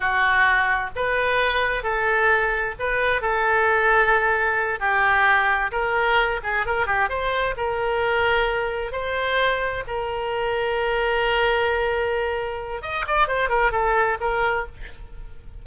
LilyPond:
\new Staff \with { instrumentName = "oboe" } { \time 4/4 \tempo 4 = 131 fis'2 b'2 | a'2 b'4 a'4~ | a'2~ a'8 g'4.~ | g'8 ais'4. gis'8 ais'8 g'8 c''8~ |
c''8 ais'2. c''8~ | c''4. ais'2~ ais'8~ | ais'1 | dis''8 d''8 c''8 ais'8 a'4 ais'4 | }